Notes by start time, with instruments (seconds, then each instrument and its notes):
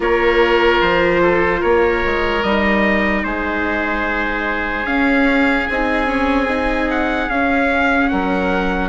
0.00 bassoon A#3, viola F4, oboe A#4, trumpet C#5
0.81 bassoon F3, trumpet C5
1.22 oboe A4
1.60 bassoon A#3, oboe A#4, trumpet C#5
2.05 bassoon G#3
2.43 bassoon G3, viola D#4, trumpet D#5
3.23 bassoon G#3, oboe G#4, trumpet C5
4.85 viola C#4, bassoon C#4, trumpet F5
5.67 bassoon C4, viola D#4, trumpet G#5
6.06 viola C#4
6.48 viola D#4
6.90 trumpet F#5
7.29 bassoon C#4, viola C#4, trumpet F5
8.08 bassoon F#3, oboe A#4, trumpet F#5